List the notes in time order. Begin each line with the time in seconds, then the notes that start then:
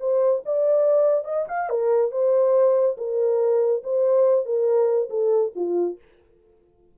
0.00 C5
0.46 D5
1.25 D#5
1.49 F5
1.70 A#4
2.12 C5
2.98 A#4
3.84 C5
4.46 A#4
5.10 A4
5.56 F4